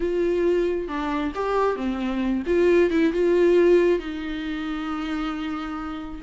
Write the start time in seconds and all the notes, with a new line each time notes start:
0.00 F4
0.88 D4
1.35 G4
1.76 C4
2.46 F4
2.90 E4
3.12 F4
3.99 D#4